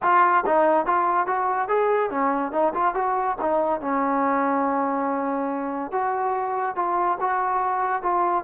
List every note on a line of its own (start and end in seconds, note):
0.02 0.44 F4
0.46 0.86 D#4
0.86 1.26 F4
1.26 1.68 F#4
1.68 2.10 G#4
2.10 2.52 C#4
2.52 2.73 D#4
2.73 2.94 F4
2.94 3.36 F#4
3.41 3.80 D#4
3.80 5.91 C#4
5.91 6.75 F#4
6.75 7.18 F4
7.20 8.02 F#4
8.02 8.44 F4